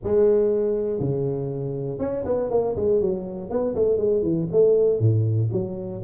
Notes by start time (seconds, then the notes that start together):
0.03 G#3
0.99 C#3
1.99 C#4
2.25 B3
2.50 A#3
2.75 G#3
3.00 F#3
3.50 B3
3.75 A3
3.97 G#3
4.22 E3
4.52 A3
4.99 A2
5.52 F#3